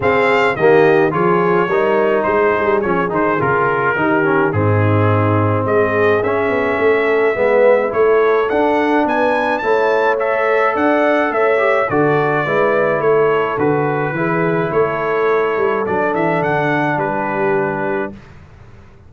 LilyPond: <<
  \new Staff \with { instrumentName = "trumpet" } { \time 4/4 \tempo 4 = 106 f''4 dis''4 cis''2 | c''4 cis''8 c''8 ais'2 | gis'2 dis''4 e''4~ | e''2 cis''4 fis''4 |
gis''4 a''4 e''4 fis''4 | e''4 d''2 cis''4 | b'2 cis''2 | d''8 e''8 fis''4 b'2 | }
  \new Staff \with { instrumentName = "horn" } { \time 4/4 gis'4 g'4 gis'4 ais'4 | gis'2. g'4 | dis'2 gis'2 | a'4 b'4 a'2 |
b'4 cis''2 d''4 | cis''4 a'4 b'4 a'4~ | a'4 gis'4 a'2~ | a'2 g'2 | }
  \new Staff \with { instrumentName = "trombone" } { \time 4/4 c'4 ais4 f'4 dis'4~ | dis'4 cis'8 dis'8 f'4 dis'8 cis'8 | c'2. cis'4~ | cis'4 b4 e'4 d'4~ |
d'4 e'4 a'2~ | a'8 g'8 fis'4 e'2 | fis'4 e'2. | d'1 | }
  \new Staff \with { instrumentName = "tuba" } { \time 4/4 cis4 dis4 f4 g4 | gis8 g8 f8 dis8 cis4 dis4 | gis,2 gis4 cis'8 b8 | a4 gis4 a4 d'4 |
b4 a2 d'4 | a4 d4 gis4 a4 | d4 e4 a4. g8 | fis8 e8 d4 g2 | }
>>